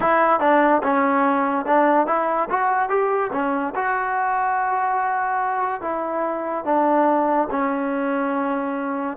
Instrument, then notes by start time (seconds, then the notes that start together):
trombone
0.00 E4
0.40 D4
0.83 C#4
1.65 D4
2.06 E4
2.50 F#4
2.89 G4
3.32 C#4
3.75 F#4
5.81 E4
6.64 D4
7.50 C#4